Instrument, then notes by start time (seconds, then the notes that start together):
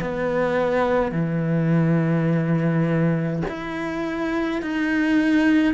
cello
0.00 B3
1.11 E3
3.48 E4
4.62 D#4